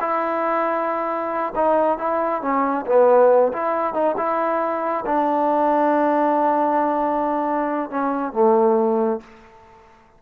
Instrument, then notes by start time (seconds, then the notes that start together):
trombone
0.00 E4
1.55 D#4
1.98 E4
2.41 C#4
2.86 B3
3.52 E4
3.94 D#4
4.17 E4
5.06 D4
7.90 C#4
8.32 A3